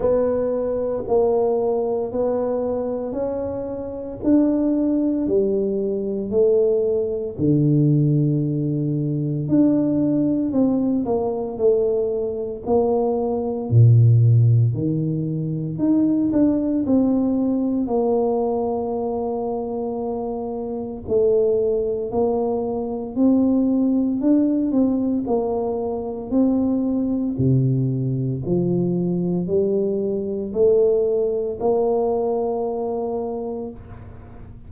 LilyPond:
\new Staff \with { instrumentName = "tuba" } { \time 4/4 \tempo 4 = 57 b4 ais4 b4 cis'4 | d'4 g4 a4 d4~ | d4 d'4 c'8 ais8 a4 | ais4 ais,4 dis4 dis'8 d'8 |
c'4 ais2. | a4 ais4 c'4 d'8 c'8 | ais4 c'4 c4 f4 | g4 a4 ais2 | }